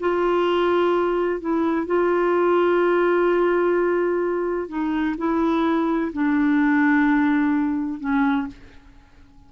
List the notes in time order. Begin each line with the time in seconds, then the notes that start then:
0.00 F4
1.41 E4
1.86 F4
4.68 D#4
5.18 E4
6.13 D4
8.00 C#4